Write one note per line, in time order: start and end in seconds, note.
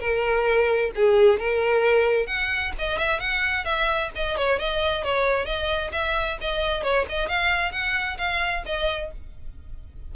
0.00 0.91 A#4
0.95 1.39 G#4
1.39 2.26 A#4
2.26 2.72 F#5
2.78 2.98 D#5
2.98 3.19 E5
3.19 3.64 F#5
3.64 4.10 E5
4.15 4.37 D#5
4.37 4.59 C#5
4.59 5.04 D#5
5.04 5.45 C#5
5.45 5.90 D#5
5.92 6.37 E5
6.40 6.82 D#5
6.82 7.05 C#5
7.09 7.28 D#5
7.28 7.71 F5
7.71 8.17 F#5
8.18 8.63 F5
8.65 9.11 D#5